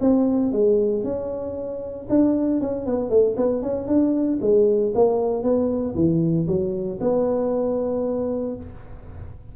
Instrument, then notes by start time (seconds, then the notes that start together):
tuba
0.00 C4
0.52 G#3
1.03 C#4
2.09 D4
2.60 C#4
2.85 B3
3.09 A3
3.36 B3
3.62 C#4
3.87 D4
4.41 G#3
4.94 A#3
5.42 B3
5.95 E3
6.47 F#3
7.00 B3